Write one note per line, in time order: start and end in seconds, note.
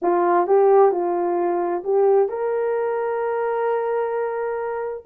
0.01 0.46 F4
0.46 0.91 G4
0.91 1.83 F4
1.83 2.29 G4
2.29 5.03 A#4